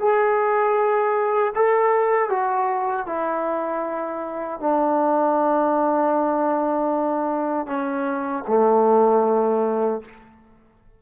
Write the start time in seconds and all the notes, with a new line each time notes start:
0.00 G#4
1.56 A4
2.30 F#4
3.07 E4
4.60 D4
7.67 C#4
8.48 A3